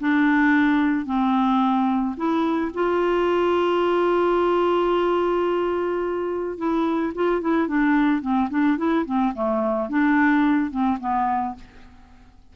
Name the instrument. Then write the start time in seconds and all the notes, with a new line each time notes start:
clarinet
0.00 D4
1.06 C4
2.17 E4
2.74 F4
6.58 E4
7.15 F4
7.41 E4
7.67 D4
8.21 C4
8.50 D4
8.77 E4
9.06 C4
9.35 A3
9.89 D4
10.70 C4
11.00 B3